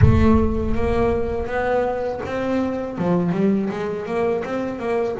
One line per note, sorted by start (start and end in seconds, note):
0.01 0.75 A3
0.75 1.46 A#3
1.46 2.21 B3
2.25 2.98 C4
2.98 3.32 F3
3.32 3.69 G3
3.70 4.06 G#3
4.06 4.43 A#3
4.44 4.79 C4
4.79 5.16 A#3